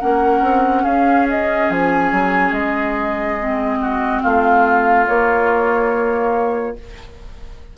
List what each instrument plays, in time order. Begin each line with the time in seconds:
0.00 bassoon A#3, clarinet C#4, oboe A#4, flute F#5
0.42 bassoon C4
0.83 bassoon C#4, oboe G#4, flute F5
1.30 flute D#5
1.70 bassoon F3, flute G#5
2.12 bassoon F#3
2.52 bassoon G#3, flute D#5
3.40 clarinet C4
3.81 oboe F#4
4.23 bassoon A3, oboe F4, flute F5
5.06 clarinet A#3, bassoon A#3, flute C#5